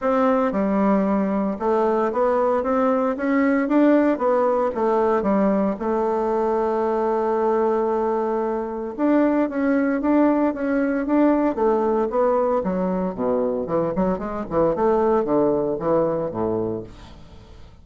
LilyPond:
\new Staff \with { instrumentName = "bassoon" } { \time 4/4 \tempo 4 = 114 c'4 g2 a4 | b4 c'4 cis'4 d'4 | b4 a4 g4 a4~ | a1~ |
a4 d'4 cis'4 d'4 | cis'4 d'4 a4 b4 | fis4 b,4 e8 fis8 gis8 e8 | a4 d4 e4 a,4 | }